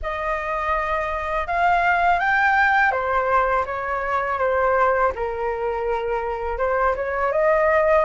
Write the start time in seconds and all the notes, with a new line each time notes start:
0.02 D#5
1.47 F5
2.19 G5
2.91 C5
3.65 C#5
4.39 C5
5.15 A#4
6.58 C5
6.95 C#5
7.32 D#5